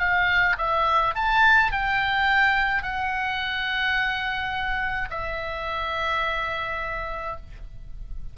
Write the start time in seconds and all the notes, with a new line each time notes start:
0.00 F5
0.58 E5
1.15 A5
1.72 G5
2.83 F#5
5.10 E5